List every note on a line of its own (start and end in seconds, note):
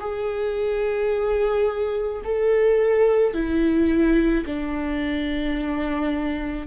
0.00 2.22 G#4
2.24 3.33 A4
3.33 4.44 E4
4.45 6.67 D4